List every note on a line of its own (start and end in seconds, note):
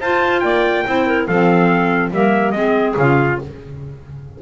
0.00 0.43 F4
0.00 0.86 F4
0.00 0.42 C5
0.00 0.40 A5
0.40 0.86 A#3
0.40 0.86 D5
0.40 1.25 G5
0.86 1.28 C4
0.86 1.29 E4
0.86 1.07 C5
1.07 1.28 A#4
1.27 2.11 F3
1.27 2.14 C4
1.27 2.12 A4
1.27 2.12 F5
2.11 2.53 G3
2.11 2.55 A#3
2.11 2.55 A#4
2.11 2.51 E5
2.51 2.95 G#3
2.51 2.97 C4
2.51 3.39 G#4
2.51 2.94 D#5
2.97 3.39 C#3
2.97 3.42 F4
2.97 3.41 F5